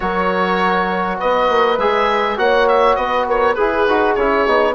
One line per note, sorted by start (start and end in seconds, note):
0.00 1.20 F#3
0.00 1.77 F#4
0.00 1.19 A#4
0.00 1.17 C#5
1.19 1.48 B3
1.19 2.37 B4
1.19 1.78 D#5
1.48 1.78 A#3
1.78 2.37 G#3
1.78 2.37 G#4
1.78 2.38 E5
2.37 2.96 A#3
2.37 3.55 F#4
2.37 2.97 C#5
2.37 2.68 F#5
2.68 2.95 E5
2.95 3.55 B3
2.95 3.27 B4
2.95 3.25 D#5
3.27 3.54 A#4
3.27 3.54 C#5
3.54 3.87 E4
3.54 4.73 G#4
3.54 3.86 G#4
3.54 4.14 B4
3.87 4.17 D#4
3.87 4.18 F#4
4.15 4.46 C#4
4.15 4.48 E4
4.15 4.74 C#5
4.46 4.74 B3
4.46 4.74 D#4